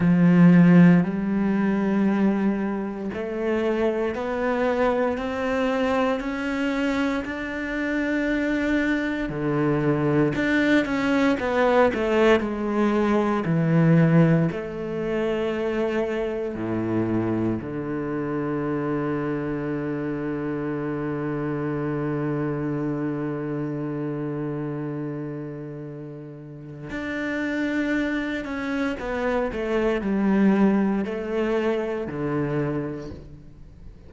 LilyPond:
\new Staff \with { instrumentName = "cello" } { \time 4/4 \tempo 4 = 58 f4 g2 a4 | b4 c'4 cis'4 d'4~ | d'4 d4 d'8 cis'8 b8 a8 | gis4 e4 a2 |
a,4 d2.~ | d1~ | d2 d'4. cis'8 | b8 a8 g4 a4 d4 | }